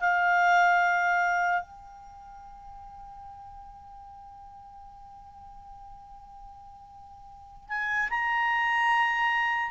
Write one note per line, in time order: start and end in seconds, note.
0.00 1.62 F5
1.62 7.69 G5
7.69 8.09 G#5
8.10 9.70 A#5